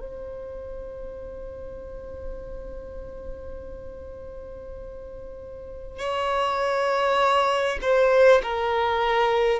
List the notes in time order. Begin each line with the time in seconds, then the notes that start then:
0.00 C5
5.99 C#5
7.82 C5
8.43 A#4